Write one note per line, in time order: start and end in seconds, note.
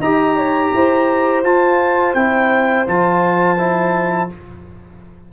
0.00 0.71 D#4
0.00 1.46 G4
0.00 0.37 D#5
0.00 1.44 A#5
0.37 0.73 C#5
0.74 1.44 E4
0.74 4.33 C5
1.44 2.15 F4
1.44 2.16 F4
1.44 2.15 A5
2.15 2.86 C4
2.15 2.87 E4
2.15 2.86 G5
2.88 4.31 F3
2.88 3.58 F4
2.88 4.31 A5
3.58 4.30 E4